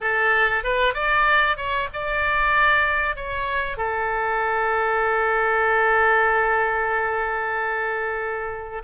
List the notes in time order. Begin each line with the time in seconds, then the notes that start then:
0.00 A4
0.63 B4
0.94 D5
1.56 C#5
1.93 D5
3.16 C#5
3.77 A4